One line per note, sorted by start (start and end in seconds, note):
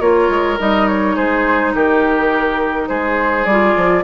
0.00 0.29 A#3
0.00 0.58 F4
0.00 1.16 A#4
0.00 0.58 C#5
0.29 0.58 G#3
0.58 1.17 G3
0.58 3.46 D#4
0.58 0.87 D#5
0.87 1.16 C#5
1.16 1.74 G#3
1.16 1.73 G#4
1.16 1.74 C5
1.75 2.89 D#3
1.75 2.89 G4
1.75 2.88 A#4
2.88 3.46 G#3
2.88 4.04 G#4
2.88 3.45 C5
3.45 3.74 G3
3.45 4.04 F4
3.45 4.03 D5
3.76 4.04 F3